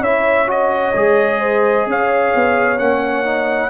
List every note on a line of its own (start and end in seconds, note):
0.00 0.92 C#4
0.00 0.47 E4
0.00 1.40 C#5
0.00 0.49 E5
0.47 0.93 F#4
0.47 1.89 D#5
0.95 1.87 G#3
0.95 2.79 G#4
1.40 1.87 C5
1.87 2.33 C#4
1.87 3.70 C#5
1.87 2.78 F5
2.36 2.79 B3
2.78 3.70 A#3
2.78 3.25 C#4
2.78 3.70 F#5
3.25 3.70 D#4